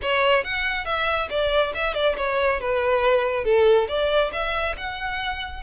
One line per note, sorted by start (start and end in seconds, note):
0.01 0.44 C#5
0.44 0.85 F#5
0.85 1.28 E5
1.29 1.73 D5
1.74 1.94 E5
1.94 2.15 D5
2.17 2.60 C#5
2.60 3.44 B4
3.44 3.87 A4
3.88 4.31 D5
4.32 4.75 E5
4.77 5.63 F#5